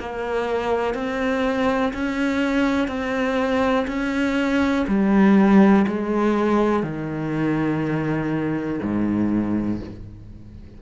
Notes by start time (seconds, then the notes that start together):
0.00 A#3
0.94 C4
1.94 C#4
2.88 C4
3.88 C#4
4.87 G3
5.87 G#3
6.83 D#3
8.83 G#2